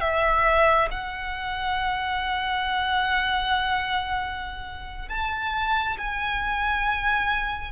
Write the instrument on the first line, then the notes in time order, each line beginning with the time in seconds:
violin
0.00 E5
0.91 F#5
5.08 A5
5.98 G#5